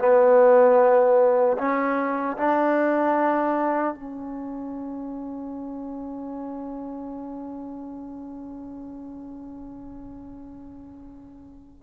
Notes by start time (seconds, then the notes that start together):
0.00 B3
1.58 C#4
2.38 D4
3.95 C#4